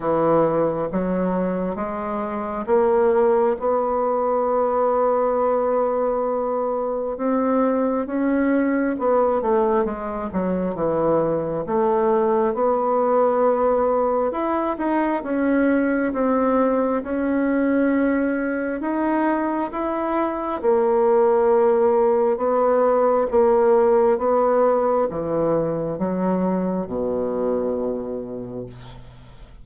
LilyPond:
\new Staff \with { instrumentName = "bassoon" } { \time 4/4 \tempo 4 = 67 e4 fis4 gis4 ais4 | b1 | c'4 cis'4 b8 a8 gis8 fis8 | e4 a4 b2 |
e'8 dis'8 cis'4 c'4 cis'4~ | cis'4 dis'4 e'4 ais4~ | ais4 b4 ais4 b4 | e4 fis4 b,2 | }